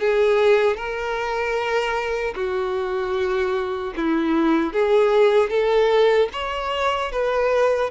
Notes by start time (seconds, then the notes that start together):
0.00 G#4
0.77 A#4
2.35 F#4
3.97 E4
4.73 G#4
5.50 A4
6.33 C#5
7.12 B4